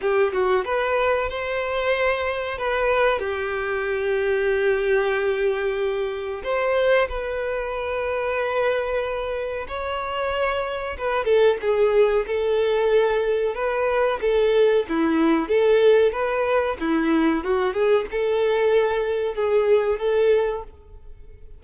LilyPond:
\new Staff \with { instrumentName = "violin" } { \time 4/4 \tempo 4 = 93 g'8 fis'8 b'4 c''2 | b'4 g'2.~ | g'2 c''4 b'4~ | b'2. cis''4~ |
cis''4 b'8 a'8 gis'4 a'4~ | a'4 b'4 a'4 e'4 | a'4 b'4 e'4 fis'8 gis'8 | a'2 gis'4 a'4 | }